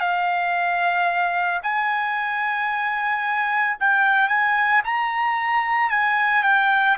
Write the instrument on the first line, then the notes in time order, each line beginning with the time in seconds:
trumpet
0.00 F5
1.63 G#5
3.79 G5
4.28 G#5
4.84 A#5
5.90 G#5
6.43 G5